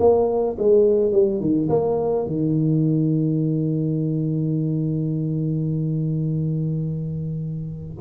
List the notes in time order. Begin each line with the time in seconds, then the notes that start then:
0.00 A#3
0.59 G#3
1.12 G3
1.41 D#3
1.70 A#3
2.27 D#3